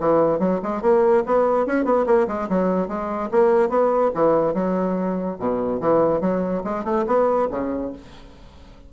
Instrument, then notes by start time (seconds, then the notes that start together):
bassoon
0.00 E3
0.39 F#3
0.63 G#3
0.82 A#3
1.26 B3
1.66 C#4
1.85 B3
2.06 A#3
2.27 G#3
2.49 F#3
2.88 G#3
3.31 A#3
3.69 B3
4.14 E3
4.54 F#3
5.39 B2
5.80 E3
6.21 F#3
6.64 G#3
6.84 A3
7.07 B3
7.51 C#3